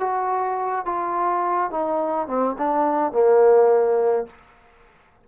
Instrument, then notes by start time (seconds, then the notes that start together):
trombone
0.00 F#4
0.85 F4
1.71 D#4
2.28 C4
2.58 D4
3.12 A#3